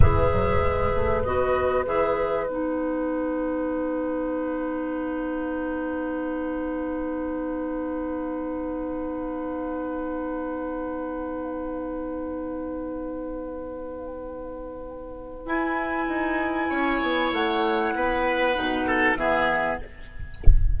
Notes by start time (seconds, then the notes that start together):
0.00 E3 G#4 B4 E5
0.32 F#3
0.61 G#3
0.94 A3
1.23 B3 F#4 D#5
1.85 E3 G#4 E5
2.47 B3 D#4 F#5
15.45 E4 G#5
16.07 D#4
16.69 C#4 C#5
17.01 B3
17.32 A3 F#5
17.94 B3 B4
18.55 B2 D#4
18.86 A4
19.15 E3 B3 G#4 E5